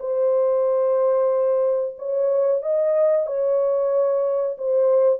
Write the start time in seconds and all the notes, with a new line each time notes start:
0.00 C5
1.98 C#5
2.62 D#5
3.27 C#5
4.58 C5